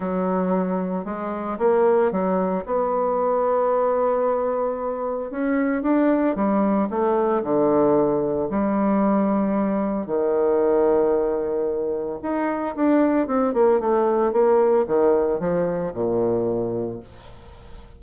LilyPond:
\new Staff \with { instrumentName = "bassoon" } { \time 4/4 \tempo 4 = 113 fis2 gis4 ais4 | fis4 b2.~ | b2 cis'4 d'4 | g4 a4 d2 |
g2. dis4~ | dis2. dis'4 | d'4 c'8 ais8 a4 ais4 | dis4 f4 ais,2 | }